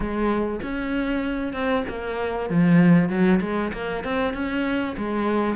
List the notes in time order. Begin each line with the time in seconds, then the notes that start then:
0.00 G#3
0.62 C#4
1.53 C4
1.88 A#3
2.49 F3
3.09 F#3
3.40 G#3
3.73 A#3
4.04 C4
4.33 C#4
4.97 G#3